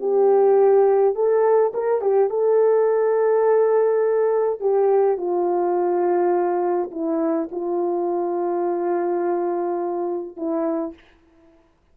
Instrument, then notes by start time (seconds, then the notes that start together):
horn
0.00 G4
1.15 A4
1.74 A#4
2.01 G4
2.30 A4
4.60 G4
5.17 F4
6.91 E4
7.52 F4
10.37 E4